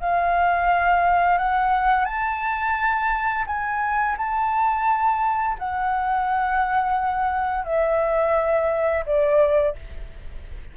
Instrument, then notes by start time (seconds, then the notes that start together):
flute
0.00 F5
1.38 F#5
2.05 A5
3.46 G#5
4.17 A5
5.58 F#5
7.65 E5
9.05 D5